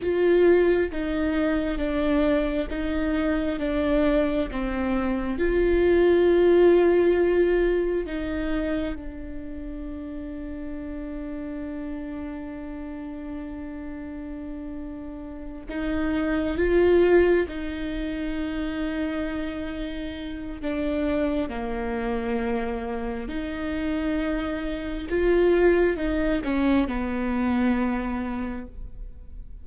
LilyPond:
\new Staff \with { instrumentName = "viola" } { \time 4/4 \tempo 4 = 67 f'4 dis'4 d'4 dis'4 | d'4 c'4 f'2~ | f'4 dis'4 d'2~ | d'1~ |
d'4. dis'4 f'4 dis'8~ | dis'2. d'4 | ais2 dis'2 | f'4 dis'8 cis'8 b2 | }